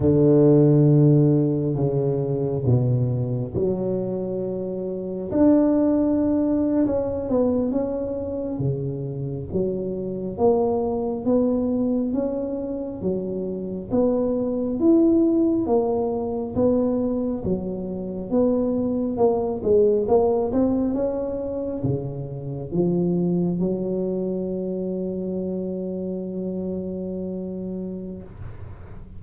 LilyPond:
\new Staff \with { instrumentName = "tuba" } { \time 4/4 \tempo 4 = 68 d2 cis4 b,4 | fis2 d'4.~ d'16 cis'16~ | cis'16 b8 cis'4 cis4 fis4 ais16~ | ais8. b4 cis'4 fis4 b16~ |
b8. e'4 ais4 b4 fis16~ | fis8. b4 ais8 gis8 ais8 c'8 cis'16~ | cis'8. cis4 f4 fis4~ fis16~ | fis1 | }